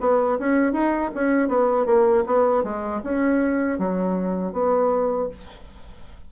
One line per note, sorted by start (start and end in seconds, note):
0.00 0.38 B3
0.39 0.72 C#4
0.72 1.10 D#4
1.15 1.48 C#4
1.48 1.85 B3
1.85 2.23 A#3
2.26 2.63 B3
2.63 3.01 G#3
3.03 3.78 C#4
3.78 4.53 F#3
4.53 5.29 B3